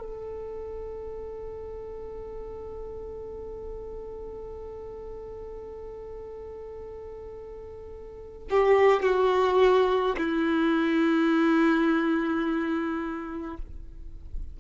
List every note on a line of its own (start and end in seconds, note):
0.00 8.49 A4
8.51 9.03 G4
9.03 10.16 F#4
10.18 13.57 E4